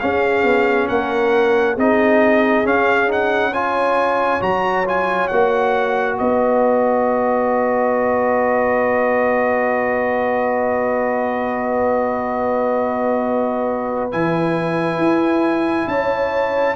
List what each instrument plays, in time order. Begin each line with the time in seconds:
0.00 trombone C#4, tuba C#4, horn G#4, trumpet F5
0.44 tuba B3
0.88 tuba A#3, horn A#4, trumpet F#5
1.75 tuba C4, trombone D#4, horn G#4, trumpet D#5
2.65 trombone C#4, tuba C#4, trumpet F5
3.08 trombone D#4, trumpet F#5
3.53 trombone F4, horn C#5, trumpet G#5
4.40 tuba F#3, trombone F#4, trumpet A#5
4.86 trombone F4, trumpet G#5
5.28 tuba A#3, trombone F#4, trumpet F#5
6.18 tuba B3, horn B4, trumpet D#5
14.12 tuba E3, trombone E4, trumpet G#5
14.98 tuba E4
15.88 tuba C#4, horn C#5, trumpet A5